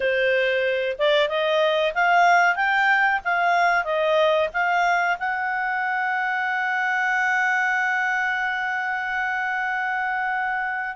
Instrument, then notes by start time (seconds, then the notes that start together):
clarinet
0.00 C5
0.98 D5
1.28 D#5
1.94 F5
2.55 G5
3.24 F5
3.84 D#5
4.53 F5
5.19 F#5